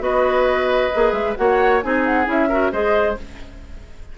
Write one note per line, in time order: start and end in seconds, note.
0.00 0.91 B3
0.00 0.90 F#4
0.00 1.38 B4
0.00 1.13 D#5
0.95 1.13 A#3
0.95 1.36 G#4
1.13 1.35 G#3
1.13 1.35 E5
1.36 1.84 A#3
1.36 1.81 F#4
1.36 1.85 C#5
1.36 1.82 F#5
1.83 2.27 C4
1.83 2.26 D#4
1.83 2.49 G#4
1.83 2.05 G#5
2.06 2.29 F#5
2.26 2.72 C#4
2.26 2.48 E4
2.26 2.73 E5
2.49 2.72 F#4
2.49 2.72 A#4
2.72 3.18 G#3
2.72 3.17 G#4
2.72 3.18 C5
2.72 3.18 D#5